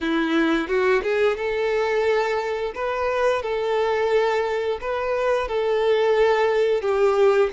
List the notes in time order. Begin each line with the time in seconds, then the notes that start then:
0.00 E4
0.68 F#4
1.03 G#4
1.36 A4
2.75 B4
3.42 A4
4.81 B4
5.48 A4
6.82 G4